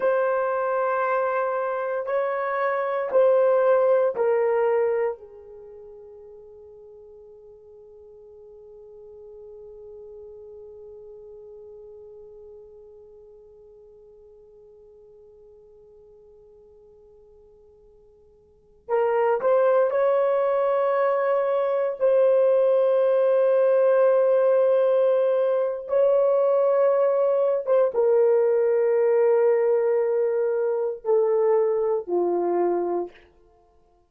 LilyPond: \new Staff \with { instrumentName = "horn" } { \time 4/4 \tempo 4 = 58 c''2 cis''4 c''4 | ais'4 gis'2.~ | gis'1~ | gis'1~ |
gis'2~ gis'16 ais'8 c''8 cis''8.~ | cis''4~ cis''16 c''2~ c''8.~ | c''4 cis''4.~ cis''16 c''16 ais'4~ | ais'2 a'4 f'4 | }